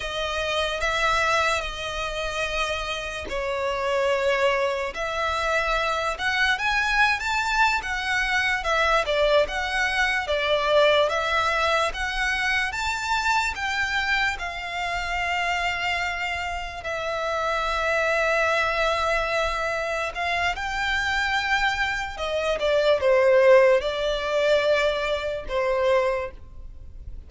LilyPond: \new Staff \with { instrumentName = "violin" } { \time 4/4 \tempo 4 = 73 dis''4 e''4 dis''2 | cis''2 e''4. fis''8 | gis''8. a''8. fis''4 e''8 d''8 fis''8~ | fis''8 d''4 e''4 fis''4 a''8~ |
a''8 g''4 f''2~ f''8~ | f''8 e''2.~ e''8~ | e''8 f''8 g''2 dis''8 d''8 | c''4 d''2 c''4 | }